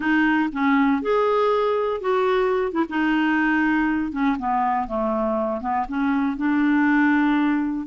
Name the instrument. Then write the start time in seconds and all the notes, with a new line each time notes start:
clarinet
0.00 D#4
0.52 C#4
1.02 G#4
2.00 F#4
2.72 E4
2.89 D#4
4.12 C#4
4.38 B3
4.87 A3
5.60 B3
5.88 C#4
6.37 D4